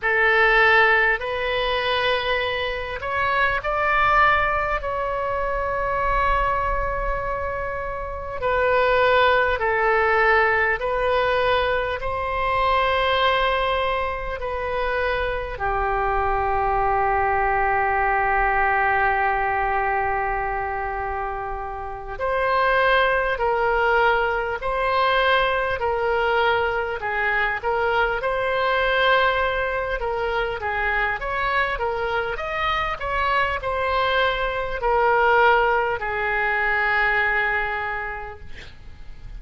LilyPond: \new Staff \with { instrumentName = "oboe" } { \time 4/4 \tempo 4 = 50 a'4 b'4. cis''8 d''4 | cis''2. b'4 | a'4 b'4 c''2 | b'4 g'2.~ |
g'2~ g'8 c''4 ais'8~ | ais'8 c''4 ais'4 gis'8 ais'8 c''8~ | c''4 ais'8 gis'8 cis''8 ais'8 dis''8 cis''8 | c''4 ais'4 gis'2 | }